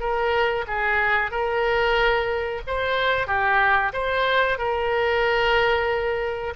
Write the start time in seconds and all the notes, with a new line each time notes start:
0.00 A#4
0.68 G#4
1.31 A#4
2.67 C5
3.27 G4
3.93 C5
4.58 A#4